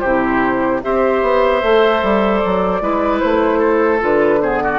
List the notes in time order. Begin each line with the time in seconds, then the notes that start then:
0.00 C3 E4 G4 C5
0.83 C4 G4 C5 E5
1.22 B3
1.62 A3 A4
2.03 G3
2.39 D5
2.45 F#3
2.81 G#3 E4 B4
3.20 A3 C5
3.59 A4
3.99 D3 F4 B4
4.41 B3 G#4 C5
4.63 F#4 D5